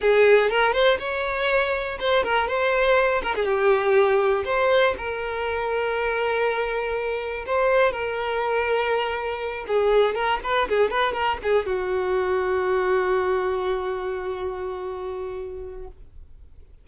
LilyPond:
\new Staff \with { instrumentName = "violin" } { \time 4/4 \tempo 4 = 121 gis'4 ais'8 c''8 cis''2 | c''8 ais'8 c''4. ais'16 gis'16 g'4~ | g'4 c''4 ais'2~ | ais'2. c''4 |
ais'2.~ ais'8 gis'8~ | gis'8 ais'8 b'8 gis'8 b'8 ais'8 gis'8 fis'8~ | fis'1~ | fis'1 | }